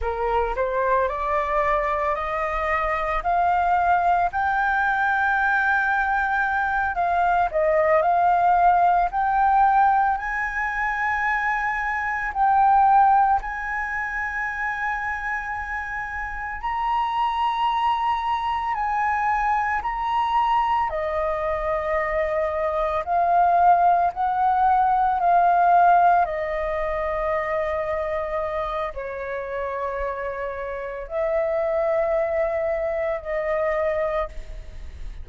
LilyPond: \new Staff \with { instrumentName = "flute" } { \time 4/4 \tempo 4 = 56 ais'8 c''8 d''4 dis''4 f''4 | g''2~ g''8 f''8 dis''8 f''8~ | f''8 g''4 gis''2 g''8~ | g''8 gis''2. ais''8~ |
ais''4. gis''4 ais''4 dis''8~ | dis''4. f''4 fis''4 f''8~ | f''8 dis''2~ dis''8 cis''4~ | cis''4 e''2 dis''4 | }